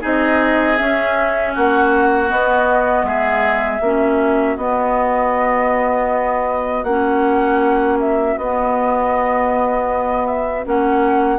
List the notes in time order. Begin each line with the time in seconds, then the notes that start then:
0.00 C4 D#4 G#4 D#5
0.76 C#4 E5
1.53 A#3 F#4 F#5
2.27 B3 D#5
3.03 G#3 G#4 E5
3.81 A#3 C#4 F#4
4.56 B3 D#5
6.83 A#3 C#4 F#5
8.00 E5
8.37 B3 D#5
10.26 E5
10.64 A#3 C#4 F#5